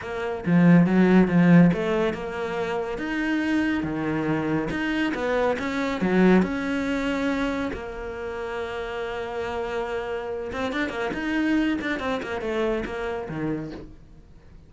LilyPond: \new Staff \with { instrumentName = "cello" } { \time 4/4 \tempo 4 = 140 ais4 f4 fis4 f4 | a4 ais2 dis'4~ | dis'4 dis2 dis'4 | b4 cis'4 fis4 cis'4~ |
cis'2 ais2~ | ais1~ | ais8 c'8 d'8 ais8 dis'4. d'8 | c'8 ais8 a4 ais4 dis4 | }